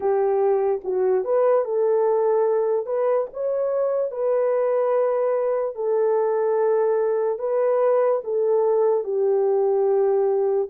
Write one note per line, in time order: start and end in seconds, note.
0.00 0.81 G4
0.84 1.24 F#4
1.24 1.64 B4
1.64 2.86 A4
2.86 3.27 B4
3.33 4.11 C#5
4.11 5.75 B4
5.75 7.39 A4
7.39 8.21 B4
8.24 9.03 A4
9.03 10.68 G4